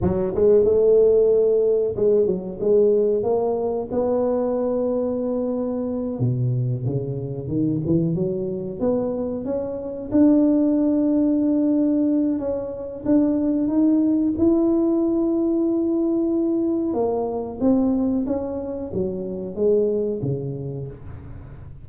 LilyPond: \new Staff \with { instrumentName = "tuba" } { \time 4/4 \tempo 4 = 92 fis8 gis8 a2 gis8 fis8 | gis4 ais4 b2~ | b4. b,4 cis4 dis8 | e8 fis4 b4 cis'4 d'8~ |
d'2. cis'4 | d'4 dis'4 e'2~ | e'2 ais4 c'4 | cis'4 fis4 gis4 cis4 | }